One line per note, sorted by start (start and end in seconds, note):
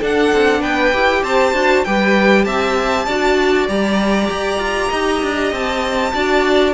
0.00 0.32 D4
0.00 0.93 D4
0.00 0.61 A4
0.00 0.62 F#5
0.32 0.62 C4
0.61 0.93 B3
0.61 1.22 B4
0.61 1.23 G5
0.93 1.22 E4
0.93 1.54 G4
1.22 1.53 C4
1.22 1.85 C5
1.22 1.84 A5
1.53 1.84 D4
1.53 1.85 F#4
1.84 2.46 G3
1.84 3.09 G4
1.84 2.46 B4
1.84 2.44 G5
2.44 3.07 C4
2.44 3.06 E5
2.44 3.67 A5
3.06 3.68 D4
3.06 3.69 F#4
3.06 4.89 D5
3.68 4.30 G3
3.68 6.14 G4
3.68 5.52 A#5
4.30 4.59 G4
4.59 4.90 F4
4.89 5.22 D#4
4.89 6.11 D#5
5.22 5.52 D4
5.52 6.13 C4
5.52 6.74 A5
6.14 6.74 D4
6.14 6.74 F#4
6.14 6.74 D5